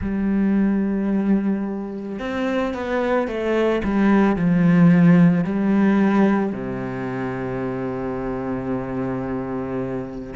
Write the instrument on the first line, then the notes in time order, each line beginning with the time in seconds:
cello
0.01 G3
2.19 C4
2.73 B3
3.27 A3
3.83 G3
4.36 F3
5.44 G3
6.52 C3